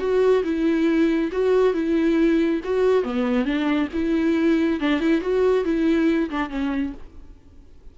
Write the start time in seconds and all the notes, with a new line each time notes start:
0.00 F#4
0.44 E4
1.32 F#4
1.74 E4
2.64 F#4
3.04 B3
3.45 D4
3.93 E4
4.80 D4
5.00 E4
5.21 F#4
5.65 E4
6.30 D4
6.50 C#4